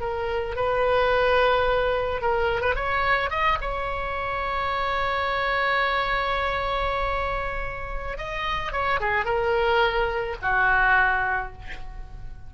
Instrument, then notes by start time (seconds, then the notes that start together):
oboe
0.00 A#4
0.56 B4
2.21 A#4
2.61 B4
2.75 C#5
3.30 D#5
3.61 C#5
8.18 D#5
8.72 C#5
9.00 G#4
9.25 A#4
10.41 F#4